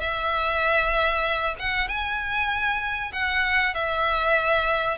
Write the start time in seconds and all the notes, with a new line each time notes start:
0.00 E5
1.59 F#5
1.88 G#5
3.12 F#5
3.74 E5